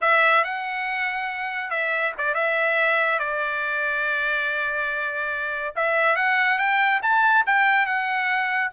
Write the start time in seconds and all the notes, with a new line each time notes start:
0.01 E5
0.44 F#5
1.70 E5
2.18 D5
2.34 E5
3.19 D5
5.75 E5
6.16 F#5
6.58 G5
7.02 A5
7.46 G5
7.85 F#5